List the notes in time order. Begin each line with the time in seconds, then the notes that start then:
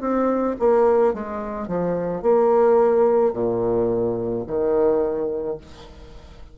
0.00 C4
0.59 A#3
1.13 G#3
1.67 F3
2.22 A#3
3.32 A#2
4.46 D#3